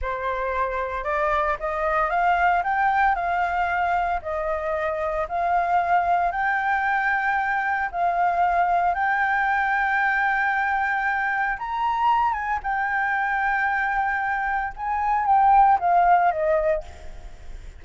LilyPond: \new Staff \with { instrumentName = "flute" } { \time 4/4 \tempo 4 = 114 c''2 d''4 dis''4 | f''4 g''4 f''2 | dis''2 f''2 | g''2. f''4~ |
f''4 g''2.~ | g''2 ais''4. gis''8 | g''1 | gis''4 g''4 f''4 dis''4 | }